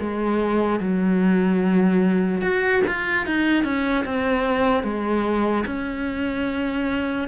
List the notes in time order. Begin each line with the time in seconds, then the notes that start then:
0.00 G#3
0.79 F#3
2.41 F#4
2.87 F4
3.26 D#4
3.64 C#4
4.04 C4
4.83 G#3
5.66 C#4